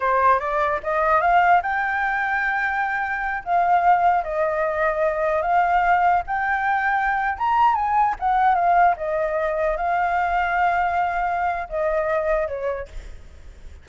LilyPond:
\new Staff \with { instrumentName = "flute" } { \time 4/4 \tempo 4 = 149 c''4 d''4 dis''4 f''4 | g''1~ | g''8 f''2 dis''4.~ | dis''4. f''2 g''8~ |
g''2~ g''16 ais''4 gis''8.~ | gis''16 fis''4 f''4 dis''4.~ dis''16~ | dis''16 f''2.~ f''8.~ | f''4 dis''2 cis''4 | }